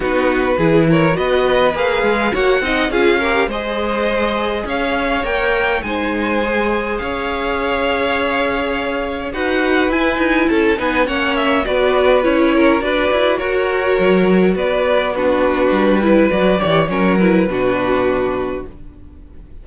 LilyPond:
<<
  \new Staff \with { instrumentName = "violin" } { \time 4/4 \tempo 4 = 103 b'4. cis''8 dis''4 f''4 | fis''4 f''4 dis''2 | f''4 g''4 gis''2 | f''1 |
fis''4 gis''4 a''8 gis''8 fis''8 e''8 | d''4 cis''4 d''4 cis''4~ | cis''4 d''4 b'2 | d''4 cis''8 b'2~ b'8 | }
  \new Staff \with { instrumentName = "violin" } { \time 4/4 fis'4 gis'8 ais'8 b'2 | cis''8 dis''8 gis'8 ais'8 c''2 | cis''2 c''2 | cis''1 |
b'2 a'8 b'8 cis''4 | b'4. ais'8 b'4 ais'4~ | ais'4 b'4 fis'4. b'8~ | b'8 cis''8 ais'4 fis'2 | }
  \new Staff \with { instrumentName = "viola" } { \time 4/4 dis'4 e'4 fis'4 gis'4 | fis'8 dis'8 f'8 g'8 gis'2~ | gis'4 ais'4 dis'4 gis'4~ | gis'1 |
fis'4 e'4. dis'8 cis'4 | fis'4 e'4 fis'2~ | fis'2 d'4. e'8 | fis'8 g'8 cis'8 e'8 d'2 | }
  \new Staff \with { instrumentName = "cello" } { \time 4/4 b4 e4 b4 ais8 gis8 | ais8 c'8 cis'4 gis2 | cis'4 ais4 gis2 | cis'1 |
dis'4 e'8 dis'8 cis'8 b8 ais4 | b4 cis'4 d'8 e'8 fis'4 | fis4 b2 g4 | fis8 e8 fis4 b,2 | }
>>